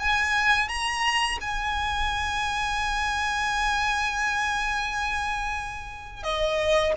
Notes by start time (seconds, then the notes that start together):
0.00 G#5
0.68 A#5
1.41 G#5
6.23 D#5